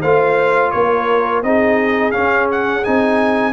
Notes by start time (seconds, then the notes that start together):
0.00 A3 F4 C5 F5
0.71 A#3 A#4 C#5
1.42 C4 D#4 G#4 D#5
2.11 C#4 F5
2.51 F#5
2.84 C4 D#4 G#5